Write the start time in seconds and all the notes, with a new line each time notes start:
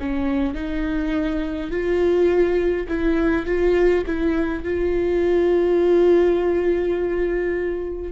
0.00 C#4
0.55 D#4
1.71 F4
2.88 E4
3.47 F4
4.07 E4
4.64 F4